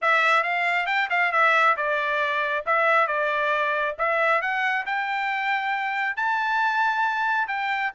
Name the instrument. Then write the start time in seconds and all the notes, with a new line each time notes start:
trumpet
0.01 E5
0.43 F5
0.86 G5
1.10 F5
1.32 E5
1.76 D5
2.66 E5
3.07 D5
3.98 E5
4.41 F#5
4.85 G5
6.16 A5
7.47 G5